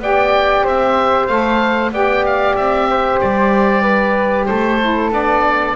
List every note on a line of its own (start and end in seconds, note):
0.00 0.64 B3
0.00 1.29 G4
0.00 0.64 D5
0.00 0.67 G5
0.64 1.29 C4
0.64 1.92 C5
0.64 1.27 E5
1.27 1.92 A3
1.27 1.93 A4
1.27 1.91 F5
1.92 2.56 B3
1.92 4.80 G4
1.92 2.89 D5
1.92 2.26 G5
2.26 2.56 F5
2.56 3.21 C4
2.56 3.20 E5
2.90 3.82 C5
3.21 4.49 G3
3.21 4.46 D5
3.82 4.46 B4
4.46 5.12 A3
4.46 5.75 A4
4.46 5.10 C5
4.81 5.11 E4
5.11 5.75 B3
5.11 5.75 D4
5.11 5.76 D5